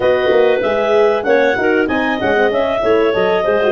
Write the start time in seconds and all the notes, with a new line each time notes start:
0.00 B3 F#4 B4 D#5
0.30 A#3
0.61 G#3 G#4 E5
1.23 A#3 C#4 C#5 F#5
1.57 D#4 F#4 A#4
1.87 C4 D#4 D#5 G#5
2.19 G#3 C#4 F#5
2.35 C4
2.49 C#4 E5
2.82 A3 E4 C#5
3.12 F#3 A4 D#5
3.43 G#3 G#4 C5
3.62 F#4